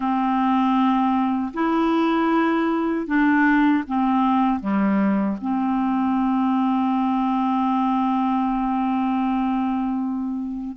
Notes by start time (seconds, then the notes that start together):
0.00 C4
1.53 E4
3.06 D4
3.87 C4
4.59 G3
5.41 C4